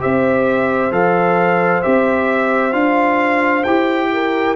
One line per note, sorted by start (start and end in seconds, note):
0.00 0.91 C4
0.00 0.91 G4
0.00 4.10 C5
0.00 0.93 E5
0.91 1.82 F3
0.91 1.82 A4
0.91 1.83 F5
1.83 2.73 C4
1.83 2.72 G4
1.83 2.73 E5
2.72 3.64 D4
2.72 3.63 F4
2.72 3.64 F5
3.64 4.56 E4
3.64 4.56 G4
3.64 4.55 G5
4.13 4.56 A#4